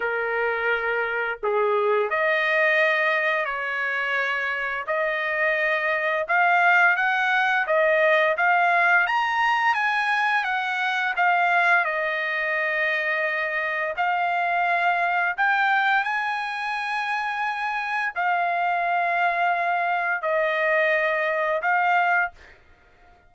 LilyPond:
\new Staff \with { instrumentName = "trumpet" } { \time 4/4 \tempo 4 = 86 ais'2 gis'4 dis''4~ | dis''4 cis''2 dis''4~ | dis''4 f''4 fis''4 dis''4 | f''4 ais''4 gis''4 fis''4 |
f''4 dis''2. | f''2 g''4 gis''4~ | gis''2 f''2~ | f''4 dis''2 f''4 | }